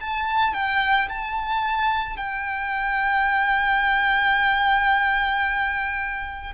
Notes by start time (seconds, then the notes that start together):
0.00 A5
0.54 G5
1.09 A5
2.17 G5